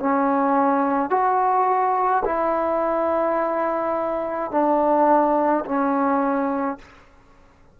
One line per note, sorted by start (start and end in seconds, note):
0.00 1.10 C#4
1.10 2.23 F#4
2.25 4.51 E4
4.51 5.64 D4
5.65 6.78 C#4